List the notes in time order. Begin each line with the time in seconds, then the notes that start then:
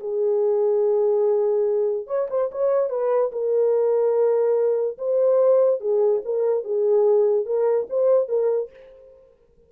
0.00 G#4
2.07 C#5
2.30 C5
2.52 C#5
2.90 B4
3.32 A#4
4.98 C5
5.80 G#4
6.25 A#4
6.64 G#4
7.46 A#4
7.90 C5
8.29 A#4